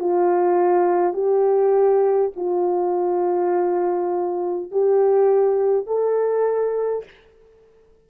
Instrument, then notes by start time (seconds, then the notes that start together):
horn
0.00 F4
1.14 G4
2.36 F4
4.72 G4
5.87 A4